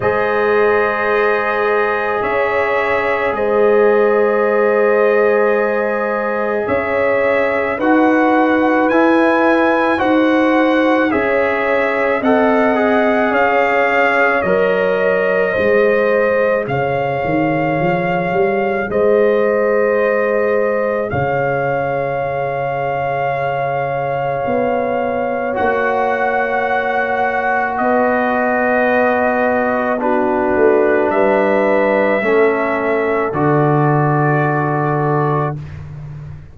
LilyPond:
<<
  \new Staff \with { instrumentName = "trumpet" } { \time 4/4 \tempo 4 = 54 dis''2 e''4 dis''4~ | dis''2 e''4 fis''4 | gis''4 fis''4 e''4 fis''4 | f''4 dis''2 f''4~ |
f''4 dis''2 f''4~ | f''2. fis''4~ | fis''4 dis''2 b'4 | e''2 d''2 | }
  \new Staff \with { instrumentName = "horn" } { \time 4/4 c''2 cis''4 c''4~ | c''2 cis''4 b'4~ | b'4 c''4 cis''4 dis''4 | cis''2 c''4 cis''4~ |
cis''4 c''2 cis''4~ | cis''1~ | cis''4 b'2 fis'4 | b'4 a'2. | }
  \new Staff \with { instrumentName = "trombone" } { \time 4/4 gis'1~ | gis'2. fis'4 | e'4 fis'4 gis'4 a'8 gis'8~ | gis'4 ais'4 gis'2~ |
gis'1~ | gis'2. fis'4~ | fis'2. d'4~ | d'4 cis'4 fis'2 | }
  \new Staff \with { instrumentName = "tuba" } { \time 4/4 gis2 cis'4 gis4~ | gis2 cis'4 dis'4 | e'4 dis'4 cis'4 c'4 | cis'4 fis4 gis4 cis8 dis8 |
f8 g8 gis2 cis4~ | cis2 b4 ais4~ | ais4 b2~ b8 a8 | g4 a4 d2 | }
>>